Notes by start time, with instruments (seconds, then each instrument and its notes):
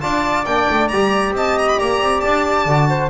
0.00 double bass D4, trombone F4, flute D5, violin A5
0.45 double bass A#3, trombone D4, violin G5
0.70 double bass A3
0.88 double bass G3, trombone G4, violin A#5
1.31 double bass C4, flute D#5, violin A5
1.58 violin A#5
1.68 violin B5
1.78 double bass A#3, flute D5, violin A#5
2.00 double bass C4
2.20 double bass D4, violin A5
2.65 double bass D3, trombone F#4
2.88 flute C5